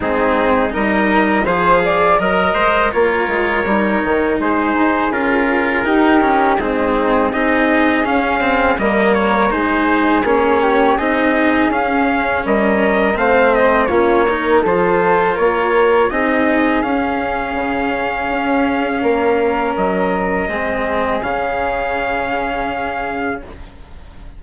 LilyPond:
<<
  \new Staff \with { instrumentName = "trumpet" } { \time 4/4 \tempo 4 = 82 gis'4 dis''4 f''4 ais'8 c''8 | cis''2 c''4 ais'4~ | ais'4 gis'4 dis''4 f''4 | dis''8 cis''8 c''4 cis''4 dis''4 |
f''4 dis''4 f''8 dis''8 cis''4 | c''4 cis''4 dis''4 f''4~ | f''2. dis''4~ | dis''4 f''2. | }
  \new Staff \with { instrumentName = "flute" } { \time 4/4 dis'4 ais'4 c''8 d''8 dis''4 | ais'2 gis'2 | g'4 dis'4 gis'2 | ais'4 gis'4. g'8 gis'4~ |
gis'4 ais'4 c''4 f'8 ais'8 | a'4 ais'4 gis'2~ | gis'2 ais'2 | gis'1 | }
  \new Staff \with { instrumentName = "cello" } { \time 4/4 c'4 dis'4 gis'4 ais'4 | f'4 dis'2 f'4 | dis'8 cis'8 c'4 dis'4 cis'8 c'8 | ais4 dis'4 cis'4 dis'4 |
cis'2 c'4 cis'8 dis'8 | f'2 dis'4 cis'4~ | cis'1 | c'4 cis'2. | }
  \new Staff \with { instrumentName = "bassoon" } { \time 4/4 gis4 g4 f4 fis8 gis8 | ais8 gis8 g8 dis8 gis8 dis'8 cis'4 | dis'4 gis4 c'4 cis'4 | g4 gis4 ais4 c'4 |
cis'4 g4 a4 ais4 | f4 ais4 c'4 cis'4 | cis4 cis'4 ais4 fis4 | gis4 cis2. | }
>>